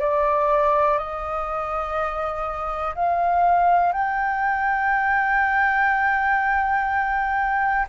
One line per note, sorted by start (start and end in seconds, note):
0.00 0.98 D5
0.98 2.95 D#5
2.95 3.93 F5
3.93 7.86 G5